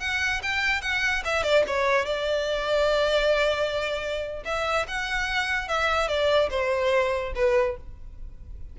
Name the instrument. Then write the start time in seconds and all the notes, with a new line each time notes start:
violin
0.00 F#5
0.43 G5
0.82 F#5
1.25 E5
1.43 D5
1.67 C#5
2.05 D5
4.45 E5
4.88 F#5
5.68 E5
6.08 D5
6.50 C5
7.35 B4